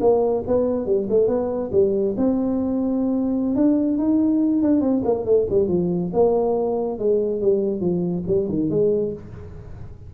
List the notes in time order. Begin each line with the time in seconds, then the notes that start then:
0.00 A#3
0.47 B3
0.86 G3
1.09 A3
1.27 B3
1.72 G3
2.17 C4
3.56 D4
3.98 D#4
4.62 D4
4.81 C4
5.05 A#3
5.25 A3
5.50 G3
5.68 F3
6.13 A#3
6.99 G#3
7.41 G3
7.80 F3
8.27 G3
8.49 D#3
8.70 G#3